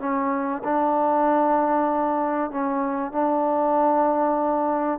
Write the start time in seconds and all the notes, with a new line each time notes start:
0.00 C#4
0.64 D4
2.51 C#4
3.12 D4